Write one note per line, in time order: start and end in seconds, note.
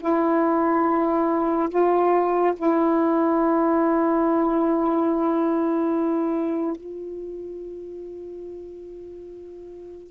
0.00 1.69 E4
1.69 2.54 F4
2.56 6.77 E4
6.77 10.11 F4